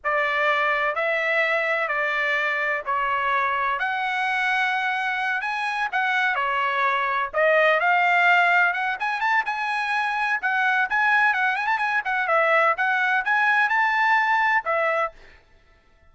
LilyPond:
\new Staff \with { instrumentName = "trumpet" } { \time 4/4 \tempo 4 = 127 d''2 e''2 | d''2 cis''2 | fis''2.~ fis''8 gis''8~ | gis''8 fis''4 cis''2 dis''8~ |
dis''8 f''2 fis''8 gis''8 a''8 | gis''2 fis''4 gis''4 | fis''8 gis''16 a''16 gis''8 fis''8 e''4 fis''4 | gis''4 a''2 e''4 | }